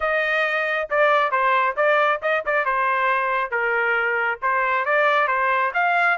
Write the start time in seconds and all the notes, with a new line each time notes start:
0.00 D#5
0.90 D5
1.31 C5
1.76 D5
2.22 D#5
2.45 D5
2.65 C5
3.50 A#4
4.41 C5
4.85 D5
5.27 C5
5.74 F5